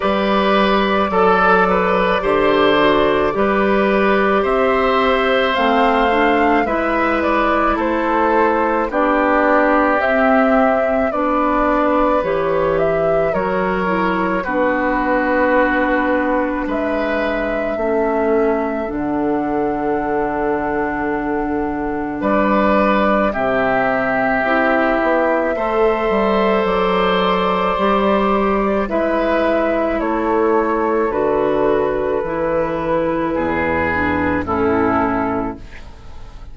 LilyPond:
<<
  \new Staff \with { instrumentName = "flute" } { \time 4/4 \tempo 4 = 54 d''1 | e''4 f''4 e''8 d''8 c''4 | d''4 e''4 d''4 cis''8 e''8 | cis''4 b'2 e''4~ |
e''4 fis''2. | d''4 e''2. | d''2 e''4 cis''4 | b'2. a'4 | }
  \new Staff \with { instrumentName = "oboe" } { \time 4/4 b'4 a'8 b'8 c''4 b'4 | c''2 b'4 a'4 | g'2 b'2 | ais'4 fis'2 b'4 |
a'1 | b'4 g'2 c''4~ | c''2 b'4 a'4~ | a'2 gis'4 e'4 | }
  \new Staff \with { instrumentName = "clarinet" } { \time 4/4 g'4 a'4 g'8 fis'8 g'4~ | g'4 c'8 d'8 e'2 | d'4 c'4 d'4 g'4 | fis'8 e'8 d'2. |
cis'4 d'2.~ | d'4 c'4 e'4 a'4~ | a'4 g'4 e'2 | fis'4 e'4. d'8 cis'4 | }
  \new Staff \with { instrumentName = "bassoon" } { \time 4/4 g4 fis4 d4 g4 | c'4 a4 gis4 a4 | b4 c'4 b4 e4 | fis4 b2 gis4 |
a4 d2. | g4 c4 c'8 b8 a8 g8 | fis4 g4 gis4 a4 | d4 e4 e,4 a,4 | }
>>